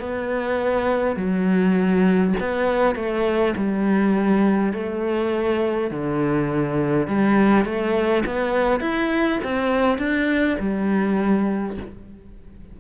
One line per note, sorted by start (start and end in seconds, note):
0.00 1.17 B3
1.17 2.34 F#3
2.41 2.96 B3
2.96 3.55 A3
3.57 4.73 G3
4.73 5.91 A3
5.91 7.08 D3
7.08 7.65 G3
7.65 8.24 A3
8.26 8.81 B3
8.81 9.40 E4
9.44 9.99 C4
9.99 10.58 D4
10.60 11.78 G3